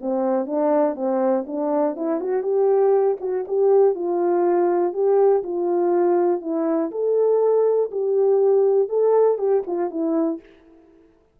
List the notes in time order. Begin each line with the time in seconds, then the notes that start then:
0.00 C4
0.46 D4
0.95 C4
1.46 D4
1.96 E4
2.20 F#4
2.43 G4
3.20 F#4
3.47 G4
3.95 F4
4.93 G4
5.43 F4
6.41 E4
6.91 A4
7.91 G4
8.88 A4
9.38 G4
9.66 F4
9.90 E4